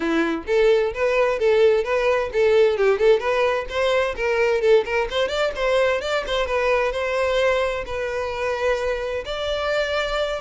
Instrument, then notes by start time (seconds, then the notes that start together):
violin
0.00 E4
0.47 A4
0.94 B4
1.39 A4
1.84 B4
2.32 A4
2.77 G4
2.99 A4
3.19 B4
3.69 C5
4.16 A#4
4.61 A4
4.85 A#4
5.10 C5
5.28 D5
5.55 C5
6.01 D5
6.26 C5
6.46 B4
6.91 C5
7.86 B4
9.25 D5